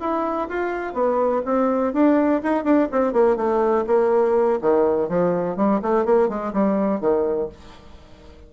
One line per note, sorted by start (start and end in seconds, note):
0.00 0.48 E4
0.49 0.93 F4
0.93 1.42 B3
1.45 1.93 C4
1.93 2.41 D4
2.43 2.64 D#4
2.64 2.88 D4
2.91 3.13 C4
3.13 3.36 A#3
3.36 3.84 A3
3.87 4.59 A#3
4.61 5.09 D#3
5.09 5.56 F3
5.56 5.80 G3
5.82 6.05 A3
6.05 6.28 A#3
6.28 6.53 G#3
6.53 7.01 G3
7.01 7.49 D#3